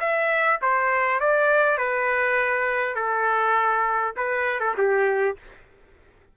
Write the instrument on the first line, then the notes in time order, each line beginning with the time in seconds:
trumpet
0.00 E5
0.61 C5
1.20 D5
1.77 B4
2.95 A4
4.16 B4
4.60 A4
4.77 G4